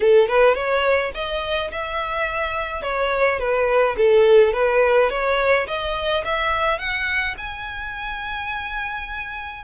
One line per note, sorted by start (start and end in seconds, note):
0.00 0.28 A4
0.28 0.55 B4
0.55 1.11 C#5
1.14 1.71 D#5
1.71 2.82 E5
2.82 3.39 C#5
3.39 3.95 B4
3.97 4.53 A4
4.53 5.09 B4
5.10 5.66 C#5
5.67 6.24 D#5
6.24 6.78 E5
6.78 7.35 F#5
7.37 9.64 G#5